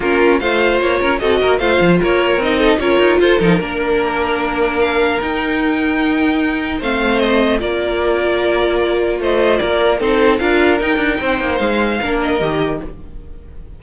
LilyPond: <<
  \new Staff \with { instrumentName = "violin" } { \time 4/4 \tempo 4 = 150 ais'4 f''4 cis''4 dis''4 | f''4 cis''4 dis''4 cis''4 | c''8 ais'2.~ ais'8 | f''4 g''2.~ |
g''4 f''4 dis''4 d''4~ | d''2. dis''4 | d''4 c''4 f''4 g''4~ | g''4 f''4. dis''4. | }
  \new Staff \with { instrumentName = "violin" } { \time 4/4 f'4 c''4. ais'8 a'8 ais'8 | c''4 ais'4. a'8 ais'4 | a'4 ais'2.~ | ais'1~ |
ais'4 c''2 ais'4~ | ais'2. c''4 | ais'4 a'4 ais'2 | c''2 ais'2 | }
  \new Staff \with { instrumentName = "viola" } { \time 4/4 cis'4 f'2 fis'4 | f'2 dis'4 f'4~ | f'8 dis'8 d'2.~ | d'4 dis'2.~ |
dis'4 c'2 f'4~ | f'1~ | f'4 dis'4 f'4 dis'4~ | dis'2 d'4 g'4 | }
  \new Staff \with { instrumentName = "cello" } { \time 4/4 ais4 a4 ais8 cis'8 c'8 ais8 | a8 f8 ais4 c'4 cis'8 dis'8 | f'8 f8 ais2.~ | ais4 dis'2.~ |
dis'4 a2 ais4~ | ais2. a4 | ais4 c'4 d'4 dis'8 d'8 | c'8 ais8 gis4 ais4 dis4 | }
>>